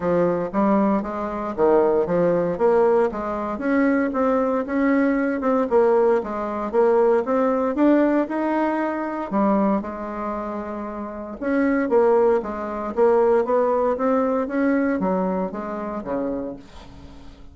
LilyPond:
\new Staff \with { instrumentName = "bassoon" } { \time 4/4 \tempo 4 = 116 f4 g4 gis4 dis4 | f4 ais4 gis4 cis'4 | c'4 cis'4. c'8 ais4 | gis4 ais4 c'4 d'4 |
dis'2 g4 gis4~ | gis2 cis'4 ais4 | gis4 ais4 b4 c'4 | cis'4 fis4 gis4 cis4 | }